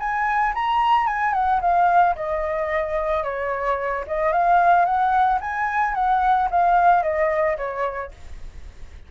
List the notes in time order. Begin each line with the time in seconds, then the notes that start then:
0.00 G#5
0.55 A#5
1.07 G#5
1.34 F#5
1.61 F5
2.16 D#5
3.24 C#5
4.08 D#5
4.33 F5
4.86 F#5
5.42 G#5
5.95 F#5
6.51 F5
7.03 D#5
7.58 C#5